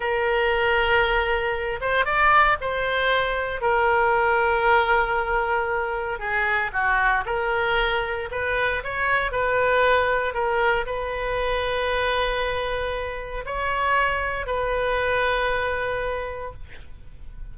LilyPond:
\new Staff \with { instrumentName = "oboe" } { \time 4/4 \tempo 4 = 116 ais'2.~ ais'8 c''8 | d''4 c''2 ais'4~ | ais'1 | gis'4 fis'4 ais'2 |
b'4 cis''4 b'2 | ais'4 b'2.~ | b'2 cis''2 | b'1 | }